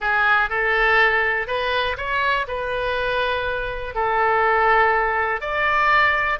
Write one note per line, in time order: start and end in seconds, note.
0.00 0.49 G#4
0.49 1.47 A4
1.47 1.96 B4
1.97 2.46 C#5
2.47 3.95 B4
3.95 5.41 A4
5.41 6.39 D5